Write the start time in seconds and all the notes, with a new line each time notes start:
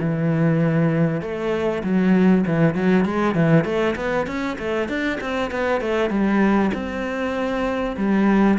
0.00 E3
1.21 A3
1.83 F#3
2.46 E3
2.74 F#3
3.05 G#3
3.35 E3
3.64 A3
3.96 B3
4.26 C#4
4.58 A3
4.88 D4
5.20 C4
5.51 B3
5.81 A3
6.09 G3
6.73 C4
7.96 G3